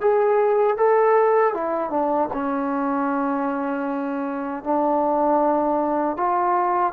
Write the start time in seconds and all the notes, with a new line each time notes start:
0.00 G#4
0.77 A4
1.53 E4
1.90 D4
2.33 C#4
4.64 D4
6.16 F4